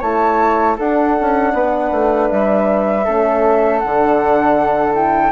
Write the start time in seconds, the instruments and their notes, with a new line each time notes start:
0.00 bassoon A3, horn E4, flute C#5 A5
0.77 bassoon D4, horn D4, flute A4 F#5
1.21 bassoon C#4
1.53 bassoon B3, flute B4
1.92 bassoon A3
2.30 bassoon G3, flute E5
3.05 bassoon A3, horn C#4, flute A4
3.79 bassoon D3, horn D4, flute F#5
4.94 horn E4, flute G5